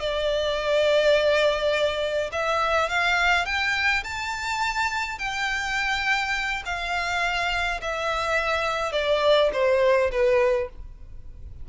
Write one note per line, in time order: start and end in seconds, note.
0.00 2.31 D5
2.32 2.90 E5
2.90 3.46 F5
3.46 4.03 G5
4.04 5.19 A5
5.19 6.63 G5
6.65 7.81 F5
7.81 8.92 E5
8.92 9.50 D5
9.53 10.11 C5
10.11 10.69 B4